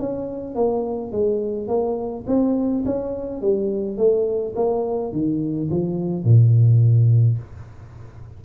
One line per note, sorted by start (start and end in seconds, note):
0.00 0.55 C#4
0.55 1.12 A#3
1.12 1.68 G#3
1.68 2.25 A#3
2.27 2.84 C4
2.86 3.42 C#4
3.42 3.98 G3
3.98 4.55 A3
4.56 5.13 A#3
5.13 5.70 D#3
5.71 6.24 F3
6.24 7.39 A#2